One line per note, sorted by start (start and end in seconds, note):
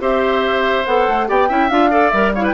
0.00 0.85 C4
0.00 0.85 G4
0.00 1.28 C5
0.00 0.86 E5
0.86 1.08 B3
0.86 1.27 A4
0.86 1.28 F#5
1.08 1.29 A3
1.27 1.50 B3
1.27 1.49 G4
1.27 1.49 D5
1.27 1.70 G5
1.49 1.70 C#4
1.49 1.70 E4
1.49 1.90 E5
1.70 2.12 D4
1.70 1.91 F4
1.70 2.10 F5
1.90 2.12 A4
1.90 2.33 D5
2.10 2.54 G3
2.10 2.35 A#4
2.10 2.31 E5
2.34 2.54 E4
2.34 2.44 C#5
2.34 2.46 F5
2.44 2.54 B4
2.44 2.54 G5